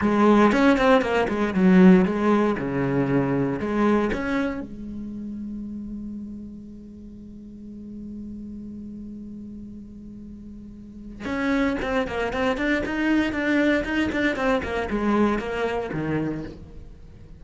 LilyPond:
\new Staff \with { instrumentName = "cello" } { \time 4/4 \tempo 4 = 117 gis4 cis'8 c'8 ais8 gis8 fis4 | gis4 cis2 gis4 | cis'4 gis2.~ | gis1~ |
gis1~ | gis2 cis'4 c'8 ais8 | c'8 d'8 dis'4 d'4 dis'8 d'8 | c'8 ais8 gis4 ais4 dis4 | }